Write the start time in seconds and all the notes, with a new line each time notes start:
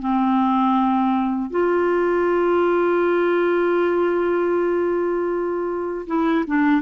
0.00 C4
1.51 F4
6.07 E4
6.47 D4